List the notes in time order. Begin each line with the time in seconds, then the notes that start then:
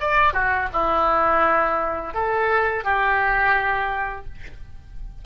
0.00 D5
0.33 F#4
0.73 E4
2.14 A4
2.84 G4